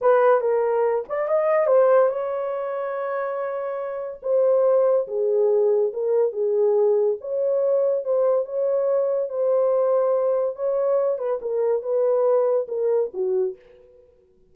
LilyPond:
\new Staff \with { instrumentName = "horn" } { \time 4/4 \tempo 4 = 142 b'4 ais'4. d''8 dis''4 | c''4 cis''2.~ | cis''2 c''2 | gis'2 ais'4 gis'4~ |
gis'4 cis''2 c''4 | cis''2 c''2~ | c''4 cis''4. b'8 ais'4 | b'2 ais'4 fis'4 | }